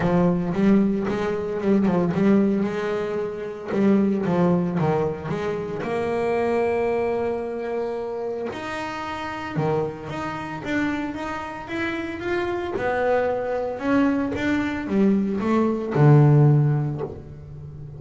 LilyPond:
\new Staff \with { instrumentName = "double bass" } { \time 4/4 \tempo 4 = 113 f4 g4 gis4 g8 f8 | g4 gis2 g4 | f4 dis4 gis4 ais4~ | ais1 |
dis'2 dis4 dis'4 | d'4 dis'4 e'4 f'4 | b2 cis'4 d'4 | g4 a4 d2 | }